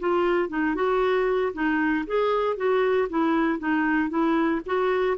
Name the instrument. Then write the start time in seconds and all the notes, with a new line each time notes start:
clarinet
0.00 F4
0.49 D#4
0.75 F#4
1.54 D#4
2.07 G#4
2.57 F#4
3.10 E4
3.59 D#4
4.10 E4
4.66 F#4